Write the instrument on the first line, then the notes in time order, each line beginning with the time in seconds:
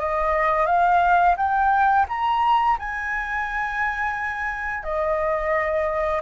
flute
0.00 D#5
0.67 F5
1.37 G5
2.09 A#5
2.80 G#5
4.84 D#5